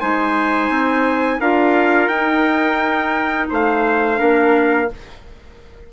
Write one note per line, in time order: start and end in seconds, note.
0.00 0.69 G#3
0.00 1.40 D#4
0.00 1.40 C5
0.00 1.40 G#5
0.69 1.39 C4
1.40 2.08 D4
1.40 2.10 F4
1.40 3.49 A#4
1.40 2.08 F5
2.08 3.47 D#4
2.08 4.16 D#4
2.08 3.47 G5
3.49 4.20 A3
3.49 4.18 C5
3.49 4.92 F5
4.16 4.90 A#3
4.16 4.86 D4
4.16 4.88 A#4